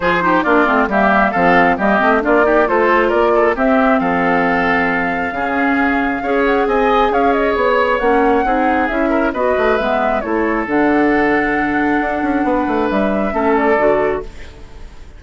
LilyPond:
<<
  \new Staff \with { instrumentName = "flute" } { \time 4/4 \tempo 4 = 135 c''4 d''4 e''4 f''4 | dis''4 d''4 c''4 d''4 | e''4 f''2.~ | f''2~ f''8 fis''8 gis''4 |
f''8 dis''8 cis''4 fis''2 | e''4 dis''4 e''4 cis''4 | fis''1~ | fis''4 e''4. d''4. | }
  \new Staff \with { instrumentName = "oboe" } { \time 4/4 gis'8 g'8 f'4 g'4 a'4 | g'4 f'8 g'8 a'4 ais'8 a'8 | g'4 a'2. | gis'2 cis''4 dis''4 |
cis''2. gis'4~ | gis'8 ais'8 b'2 a'4~ | a'1 | b'2 a'2 | }
  \new Staff \with { instrumentName = "clarinet" } { \time 4/4 f'8 dis'8 d'8 c'8 ais4 c'4 | ais8 c'8 d'8 dis'8 f'2 | c'1 | cis'2 gis'2~ |
gis'2 cis'4 dis'4 | e'4 fis'4 b4 e'4 | d'1~ | d'2 cis'4 fis'4 | }
  \new Staff \with { instrumentName = "bassoon" } { \time 4/4 f4 ais8 a8 g4 f4 | g8 a8 ais4 a4 ais4 | c'4 f2. | cis2 cis'4 c'4 |
cis'4 b4 ais4 c'4 | cis'4 b8 a8 gis4 a4 | d2. d'8 cis'8 | b8 a8 g4 a4 d4 | }
>>